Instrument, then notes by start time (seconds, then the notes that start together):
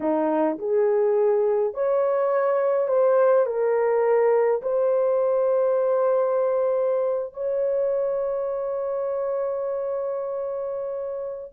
horn
0.00 D#4
0.58 G#4
1.74 C#5
2.88 C5
3.46 A#4
4.62 C5
7.33 C#5